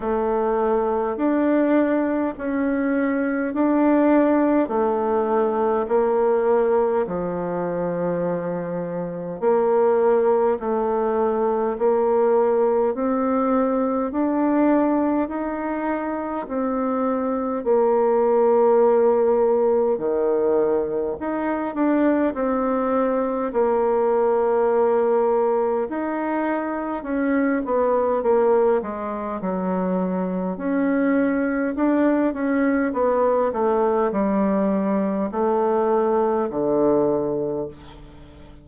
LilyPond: \new Staff \with { instrumentName = "bassoon" } { \time 4/4 \tempo 4 = 51 a4 d'4 cis'4 d'4 | a4 ais4 f2 | ais4 a4 ais4 c'4 | d'4 dis'4 c'4 ais4~ |
ais4 dis4 dis'8 d'8 c'4 | ais2 dis'4 cis'8 b8 | ais8 gis8 fis4 cis'4 d'8 cis'8 | b8 a8 g4 a4 d4 | }